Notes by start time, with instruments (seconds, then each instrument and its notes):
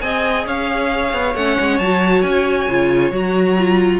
0.00 cello C4, viola G#4, violin D#5 G#5
0.46 cello C#4, violin C#5 F5
1.13 cello B3
1.35 cello A3, viola C#4, violin F#5
1.60 cello G#3
1.78 cello F#3, viola F#4, violin A5
2.21 cello C#4, violin G#5
2.68 cello C#3, viola F4
3.11 cello F#3, viola F#4, violin A#5
3.58 viola F4